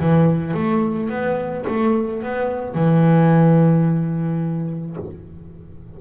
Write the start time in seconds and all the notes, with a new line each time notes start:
0.00 E3
0.54 A3
1.09 B3
1.67 A3
2.23 B3
2.74 E3